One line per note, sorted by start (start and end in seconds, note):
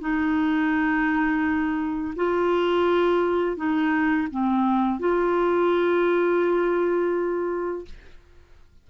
0.00 2.14 D#4
2.16 3.56 F4
3.56 4.28 D#4
4.31 4.99 C4
4.99 7.85 F4